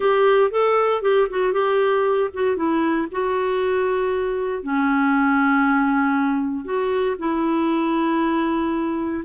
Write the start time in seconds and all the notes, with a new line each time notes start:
0.00 G4
0.50 A4
1.02 G4
1.30 F#4
1.52 G4
2.33 F#4
2.56 E4
3.11 F#4
4.62 C#4
6.64 F#4
7.19 E4